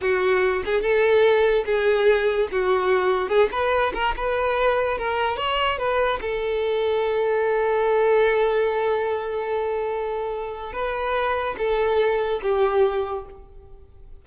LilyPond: \new Staff \with { instrumentName = "violin" } { \time 4/4 \tempo 4 = 145 fis'4. gis'8 a'2 | gis'2 fis'2 | gis'8 b'4 ais'8 b'2 | ais'4 cis''4 b'4 a'4~ |
a'1~ | a'1~ | a'2 b'2 | a'2 g'2 | }